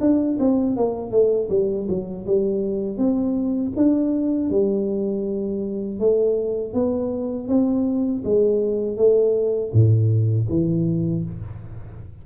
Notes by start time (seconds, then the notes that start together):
0.00 D4
0.39 C4
0.76 A#3
1.11 A3
1.49 G3
1.88 F#3
2.26 G3
2.97 C4
3.76 D4
4.50 G3
5.99 A3
6.73 B3
7.47 C4
8.24 G#3
8.97 A3
9.72 A2
10.49 E3